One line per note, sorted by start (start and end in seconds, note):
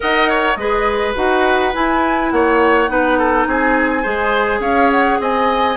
0.00 0.56 D#4
0.00 0.55 A#4
0.00 0.28 D#5
0.00 0.55 F#5
0.28 0.57 C#5
0.55 1.14 G#3
0.55 1.15 G#4
0.55 2.32 B4
0.55 1.13 D#5
1.15 1.74 D#4
1.15 1.72 F#4
1.15 1.74 F#5
1.72 2.87 E4
1.72 2.32 E4
1.72 2.30 G#5
2.30 2.88 A#3
2.30 2.90 C#5
2.30 3.45 F#5
2.87 3.46 B3
2.87 4.03 D#4
2.87 3.18 B4
3.18 3.47 A4
3.46 4.04 C4
3.46 4.02 G#4
3.46 4.61 G#5
4.02 4.59 G#3
4.02 5.76 G#4
4.02 4.60 C5
4.59 5.17 C#4
4.59 5.18 C#5
4.59 4.90 F5
4.90 5.19 F#5
5.19 5.76 C4
5.19 5.76 D#5
5.19 5.76 G#5